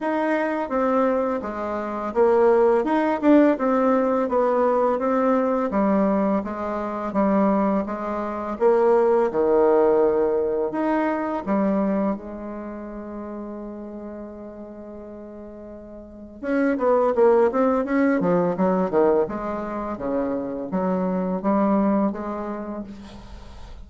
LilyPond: \new Staff \with { instrumentName = "bassoon" } { \time 4/4 \tempo 4 = 84 dis'4 c'4 gis4 ais4 | dis'8 d'8 c'4 b4 c'4 | g4 gis4 g4 gis4 | ais4 dis2 dis'4 |
g4 gis2.~ | gis2. cis'8 b8 | ais8 c'8 cis'8 f8 fis8 dis8 gis4 | cis4 fis4 g4 gis4 | }